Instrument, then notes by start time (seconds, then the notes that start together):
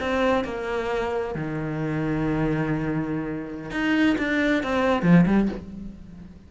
cello
0.00 C4
0.45 A#3
1.35 D#3
3.71 D#4
4.18 D4
4.63 C4
5.03 F3
5.26 G3